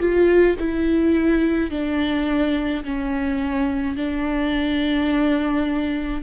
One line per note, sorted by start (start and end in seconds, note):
0.00 0.57 F4
0.59 1.71 E4
1.71 2.84 D4
2.84 3.97 C#4
3.97 6.23 D4